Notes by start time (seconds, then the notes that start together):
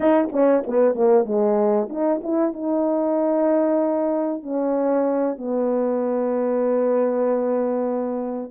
0.00 D#4
0.32 C#4
0.67 B3
0.94 A#3
1.25 G#3
1.89 D#4
2.22 E4
2.53 D#4
4.42 C#4
5.37 B3